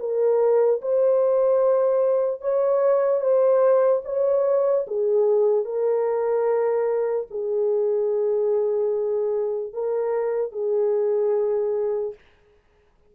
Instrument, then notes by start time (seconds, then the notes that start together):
horn
0.00 A#4
0.82 C5
2.42 C#5
3.21 C5
4.05 C#5
4.88 G#4
5.65 A#4
7.31 G#4
9.74 A#4
10.53 G#4